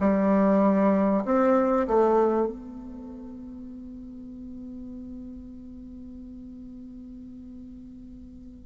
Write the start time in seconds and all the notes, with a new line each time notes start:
0.00 G3
1.25 C4
1.87 A3
2.47 B3